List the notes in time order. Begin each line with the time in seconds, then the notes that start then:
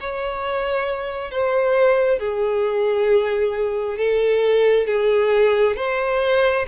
0.00 C#5
1.31 C5
2.19 G#4
3.97 A4
4.86 G#4
5.76 C5